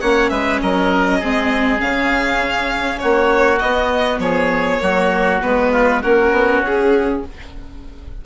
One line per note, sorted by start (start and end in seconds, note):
0.00 0.30 A#3
0.00 1.22 C#4
0.00 0.30 C#5
0.00 0.29 F#5
0.29 0.60 G#3
0.29 0.60 B4
0.29 0.59 E5
0.61 1.21 F#3
0.61 1.19 A#4
0.61 1.80 D#5
1.19 1.80 G#3
1.19 1.77 C4
1.19 2.99 G#4
1.77 3.00 C#3
1.77 3.57 C#4
1.77 2.98 F5
2.98 3.61 A#3
2.98 4.21 F#4
2.98 3.58 C#5
3.59 4.18 B3
3.59 4.80 B3
3.59 4.19 D#5
4.18 4.78 F3
4.18 4.82 G#4
4.18 5.40 C#5
4.80 5.41 F#3
4.80 5.40 A#3
4.80 5.72 F#4
5.42 6.04 G#3
5.42 6.02 B3
5.42 6.02 B4
5.72 6.01 F4
6.01 6.31 A#3
6.01 7.23 C#4
6.01 7.21 F#4
6.01 6.62 A#4
6.31 6.61 B3
6.61 7.21 C#4
6.61 7.25 G#4